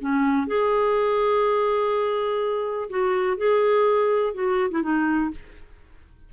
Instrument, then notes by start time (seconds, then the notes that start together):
clarinet
0.00 C#4
0.47 G#4
2.89 F#4
3.37 G#4
4.34 F#4
4.70 E4
4.82 D#4